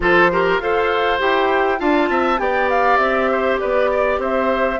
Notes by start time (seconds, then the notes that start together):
0.00 F3 F4 A4 C5
0.31 G4 A#4
0.58 F4 A4 C5 F5
1.19 E4 G4 G5
1.78 D4 F4 F5 A5
2.09 C4 E5
2.37 B3 G4 D5 G5
2.69 F5
2.97 C4 E5
3.31 C5
3.60 B3 B4 D5
3.90 D5
4.18 C4 C5 E5